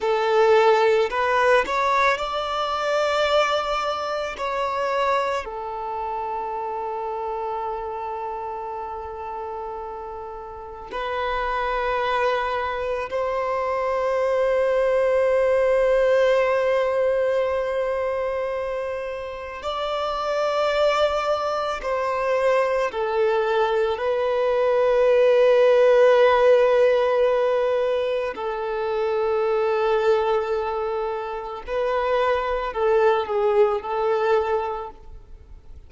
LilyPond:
\new Staff \with { instrumentName = "violin" } { \time 4/4 \tempo 4 = 55 a'4 b'8 cis''8 d''2 | cis''4 a'2.~ | a'2 b'2 | c''1~ |
c''2 d''2 | c''4 a'4 b'2~ | b'2 a'2~ | a'4 b'4 a'8 gis'8 a'4 | }